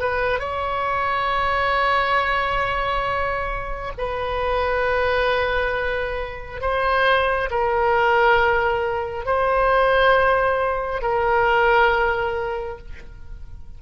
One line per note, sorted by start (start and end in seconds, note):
0.00 0.39 B4
0.39 3.92 C#5
3.97 6.61 B4
6.61 7.49 C5
7.50 9.25 A#4
9.25 11.01 C5
11.01 12.78 A#4